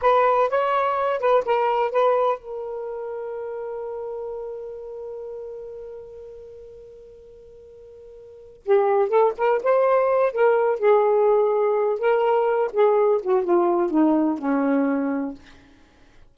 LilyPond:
\new Staff \with { instrumentName = "saxophone" } { \time 4/4 \tempo 4 = 125 b'4 cis''4. b'8 ais'4 | b'4 ais'2.~ | ais'1~ | ais'1~ |
ais'2 g'4 a'8 ais'8 | c''4. ais'4 gis'4.~ | gis'4 ais'4. gis'4 fis'8 | f'4 dis'4 cis'2 | }